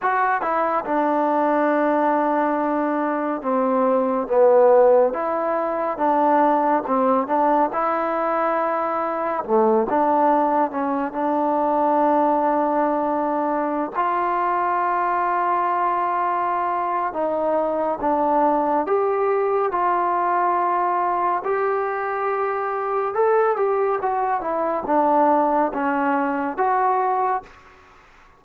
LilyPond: \new Staff \with { instrumentName = "trombone" } { \time 4/4 \tempo 4 = 70 fis'8 e'8 d'2. | c'4 b4 e'4 d'4 | c'8 d'8 e'2 a8 d'8~ | d'8 cis'8 d'2.~ |
d'16 f'2.~ f'8. | dis'4 d'4 g'4 f'4~ | f'4 g'2 a'8 g'8 | fis'8 e'8 d'4 cis'4 fis'4 | }